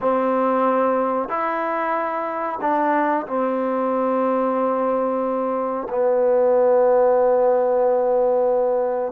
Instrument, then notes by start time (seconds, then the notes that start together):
trombone
0.00 C4
1.29 E4
2.61 D4
3.26 C4
5.89 B3